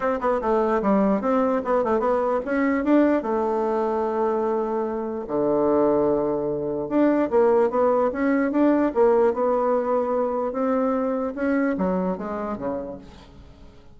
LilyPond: \new Staff \with { instrumentName = "bassoon" } { \time 4/4 \tempo 4 = 148 c'8 b8 a4 g4 c'4 | b8 a8 b4 cis'4 d'4 | a1~ | a4 d2.~ |
d4 d'4 ais4 b4 | cis'4 d'4 ais4 b4~ | b2 c'2 | cis'4 fis4 gis4 cis4 | }